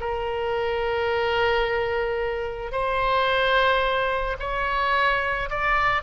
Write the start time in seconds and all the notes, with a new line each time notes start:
0.00 A#4
2.71 C5
4.39 C#5
5.49 D5